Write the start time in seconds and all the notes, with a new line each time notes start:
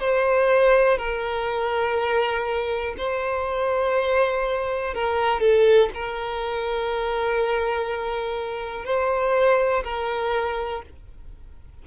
0.00 C5
0.98 A#4
2.98 C5
4.94 A#4
5.41 A4
5.95 A#4
8.85 C5
9.84 A#4